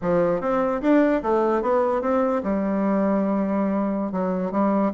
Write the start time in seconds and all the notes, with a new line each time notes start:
0.01 F3
0.40 C4
0.81 D4
1.22 A3
1.61 B3
2.01 C4
2.43 G3
4.11 F#3
4.51 G3